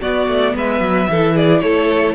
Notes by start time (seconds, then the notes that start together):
0.00 B3 F#4 D5
0.27 A3
0.55 G#3 B4 E5
0.80 F#3
1.09 E3 E4 A4
1.34 G#4 D5
1.60 A3 A4 C#5